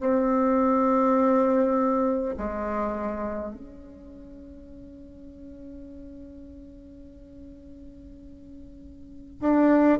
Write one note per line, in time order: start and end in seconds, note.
0.00 2.35 C4
2.37 3.54 G#3
3.54 9.40 C#4
9.40 9.99 D4